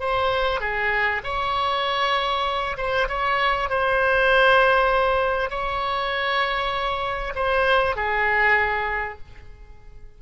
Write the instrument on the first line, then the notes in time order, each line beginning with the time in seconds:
oboe
0.00 C5
0.60 G#4
1.24 C#5
2.77 C5
3.08 C#5
3.70 C5
5.50 C#5
7.35 C5
7.96 G#4